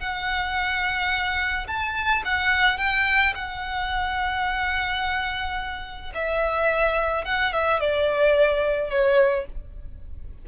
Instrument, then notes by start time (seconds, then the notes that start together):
violin
0.00 F#5
1.67 A5
2.25 F#5
2.78 G5
3.35 F#5
6.14 E5
7.25 F#5
7.53 E5
7.80 D5
8.90 C#5